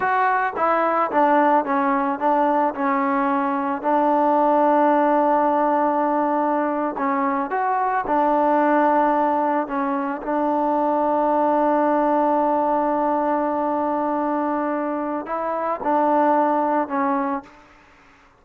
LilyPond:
\new Staff \with { instrumentName = "trombone" } { \time 4/4 \tempo 4 = 110 fis'4 e'4 d'4 cis'4 | d'4 cis'2 d'4~ | d'1~ | d'8. cis'4 fis'4 d'4~ d'16~ |
d'4.~ d'16 cis'4 d'4~ d'16~ | d'1~ | d'1 | e'4 d'2 cis'4 | }